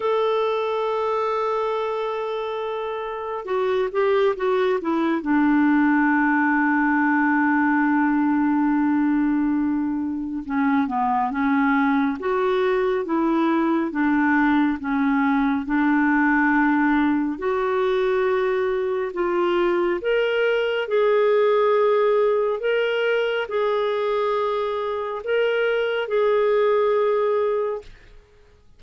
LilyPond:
\new Staff \with { instrumentName = "clarinet" } { \time 4/4 \tempo 4 = 69 a'1 | fis'8 g'8 fis'8 e'8 d'2~ | d'1 | cis'8 b8 cis'4 fis'4 e'4 |
d'4 cis'4 d'2 | fis'2 f'4 ais'4 | gis'2 ais'4 gis'4~ | gis'4 ais'4 gis'2 | }